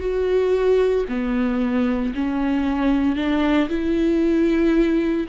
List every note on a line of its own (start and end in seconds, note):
0.00 1.05 F#4
1.09 2.14 B3
2.15 3.16 C#4
3.16 3.69 D4
3.69 5.27 E4